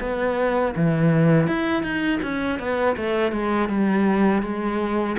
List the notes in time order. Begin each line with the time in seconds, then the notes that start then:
0.00 B3
0.76 E3
1.47 E4
1.82 D#4
2.22 C#4
2.59 B3
2.96 A3
3.32 G#3
3.69 G3
4.42 G#3